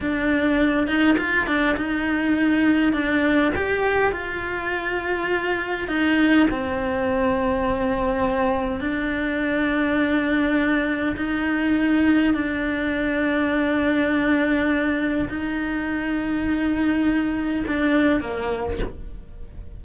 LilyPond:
\new Staff \with { instrumentName = "cello" } { \time 4/4 \tempo 4 = 102 d'4. dis'8 f'8 d'8 dis'4~ | dis'4 d'4 g'4 f'4~ | f'2 dis'4 c'4~ | c'2. d'4~ |
d'2. dis'4~ | dis'4 d'2.~ | d'2 dis'2~ | dis'2 d'4 ais4 | }